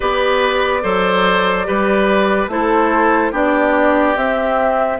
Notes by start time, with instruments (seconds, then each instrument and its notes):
0.00 bassoon B3, clarinet G4, oboe B4, flute D5
0.82 bassoon F#3, clarinet A4, oboe C5
1.65 bassoon G3, clarinet G4, oboe B4
2.47 bassoon A3, clarinet E4, oboe A4, flute C5
3.31 bassoon B3, clarinet D4, oboe G4, flute D5
4.15 bassoon C4, clarinet C4, flute E5